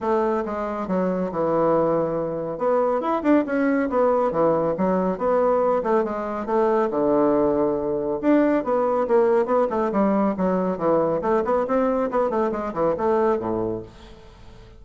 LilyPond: \new Staff \with { instrumentName = "bassoon" } { \time 4/4 \tempo 4 = 139 a4 gis4 fis4 e4~ | e2 b4 e'8 d'8 | cis'4 b4 e4 fis4 | b4. a8 gis4 a4 |
d2. d'4 | b4 ais4 b8 a8 g4 | fis4 e4 a8 b8 c'4 | b8 a8 gis8 e8 a4 a,4 | }